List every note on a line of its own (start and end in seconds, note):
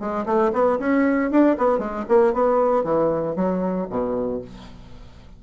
0.00 0.26 G#3
0.26 0.52 A3
0.53 0.79 B3
0.80 1.31 C#4
1.31 1.57 D4
1.58 1.79 B3
1.79 2.05 G#3
2.09 2.34 A#3
2.34 2.84 B3
2.84 3.36 E3
3.36 3.88 F#3
3.90 4.42 B2